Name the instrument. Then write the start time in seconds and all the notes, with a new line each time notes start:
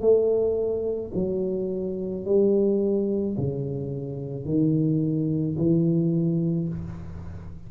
tuba
0.00 A3
1.14 F#3
2.25 G3
3.37 C#3
4.45 D#3
5.58 E3